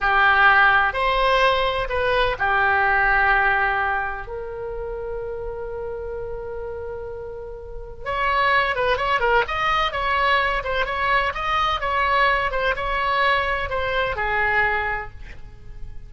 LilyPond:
\new Staff \with { instrumentName = "oboe" } { \time 4/4 \tempo 4 = 127 g'2 c''2 | b'4 g'2.~ | g'4 ais'2.~ | ais'1~ |
ais'4 cis''4. b'8 cis''8 ais'8 | dis''4 cis''4. c''8 cis''4 | dis''4 cis''4. c''8 cis''4~ | cis''4 c''4 gis'2 | }